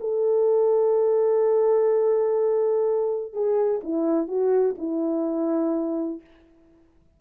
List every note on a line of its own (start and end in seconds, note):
0.00 3.33 A4
3.33 3.81 G#4
3.83 4.28 E4
4.28 4.75 F#4
4.78 6.21 E4